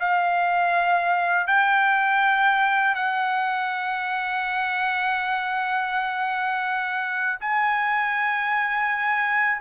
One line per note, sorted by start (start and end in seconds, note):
0.00 1.47 F5
1.47 2.95 G5
2.95 7.39 F#5
7.40 9.61 G#5